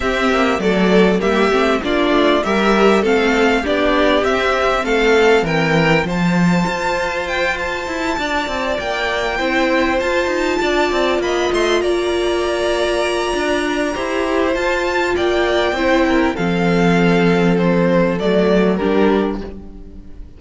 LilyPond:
<<
  \new Staff \with { instrumentName = "violin" } { \time 4/4 \tempo 4 = 99 e''4 d''4 e''4 d''4 | e''4 f''4 d''4 e''4 | f''4 g''4 a''2 | g''8 a''2 g''4.~ |
g''8 a''2 b''8 c'''8 ais''8~ | ais''1 | a''4 g''2 f''4~ | f''4 c''4 d''4 ais'4 | }
  \new Staff \with { instrumentName = "violin" } { \time 4/4 g'4 a'4 g'4 f'4 | ais'4 a'4 g'2 | a'4 ais'4 c''2~ | c''4. d''2 c''8~ |
c''4. d''4 dis''4 d''8~ | d''2. c''4~ | c''4 d''4 c''8 ais'8 a'4~ | a'2. g'4 | }
  \new Staff \with { instrumentName = "viola" } { \time 4/4 c'4 a4 ais8 c'8 d'4 | g'4 c'4 d'4 c'4~ | c'2 f'2~ | f'2.~ f'8 e'8~ |
e'8 f'2.~ f'8~ | f'2. g'4 | f'2 e'4 c'4~ | c'2 a4 d'4 | }
  \new Staff \with { instrumentName = "cello" } { \time 4/4 c'8 ais8 fis4 g8 a8 ais8 a8 | g4 a4 b4 c'4 | a4 e4 f4 f'4~ | f'4 e'8 d'8 c'8 ais4 c'8~ |
c'8 f'8 dis'8 d'8 c'8 ais8 a8 ais8~ | ais2 d'4 e'4 | f'4 ais4 c'4 f4~ | f2 fis4 g4 | }
>>